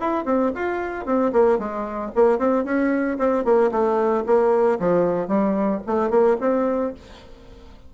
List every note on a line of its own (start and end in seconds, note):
0.00 0.25 E4
0.25 0.51 C4
0.55 1.05 F4
1.05 1.32 C4
1.32 1.58 A#3
1.58 2.11 G#3
2.15 2.38 A#3
2.38 2.64 C4
2.64 3.17 C#4
3.18 3.44 C4
3.44 3.71 A#3
3.71 4.24 A3
4.26 4.79 A#3
4.79 5.28 F3
5.28 5.81 G3
5.86 6.10 A3
6.10 6.36 A#3
6.41 6.94 C4